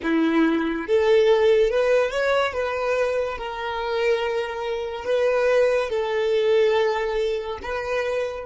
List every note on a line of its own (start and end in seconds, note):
0.02 0.86 E4
0.86 1.70 A4
1.70 2.10 B4
2.10 2.53 C#5
2.53 3.37 B4
3.37 5.05 A#4
5.05 5.89 B4
5.89 7.58 A4
7.62 8.45 B4